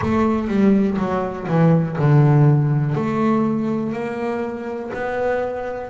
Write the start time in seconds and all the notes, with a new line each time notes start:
0.01 A3
0.48 G3
0.98 F#3
1.47 E3
1.98 D3
2.94 A3
3.93 A#3
4.93 B3